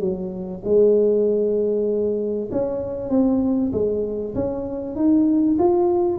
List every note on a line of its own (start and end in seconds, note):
0.00 0.62 F#3
0.64 2.50 G#3
2.51 3.10 C#4
3.10 3.71 C4
3.72 4.34 G#3
4.35 4.95 C#4
4.95 5.57 D#4
5.59 6.18 F4